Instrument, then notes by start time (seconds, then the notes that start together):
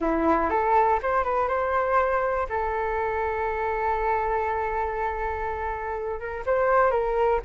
flute
0.00 E4
0.50 A4
1.02 C5
1.24 B4
1.47 C5
2.49 A4
6.19 A#4
6.46 C5
6.91 A#4